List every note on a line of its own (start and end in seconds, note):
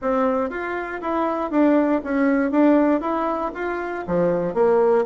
0.01 0.50 C4
0.50 1.00 F4
1.01 1.50 E4
1.50 2.01 D4
2.04 2.51 C#4
2.51 3.00 D4
3.00 3.51 E4
3.54 4.05 F4
4.07 4.54 F3
4.54 5.04 A#3